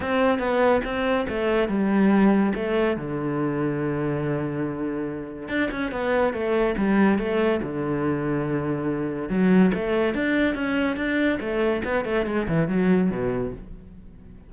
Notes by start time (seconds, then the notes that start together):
0.00 C4
0.38 B3
0.84 C4
1.28 A3
1.68 G3
2.54 A3
2.97 D3
5.48 D4
5.71 C#4
5.91 B3
6.33 A3
6.77 G3
7.18 A3
7.62 D3
9.29 F#3
9.74 A3
10.14 D4
10.54 C#4
10.96 D4
11.40 A3
11.84 B3
12.04 A3
12.26 G#3
12.47 E3
12.68 F#3
13.10 B2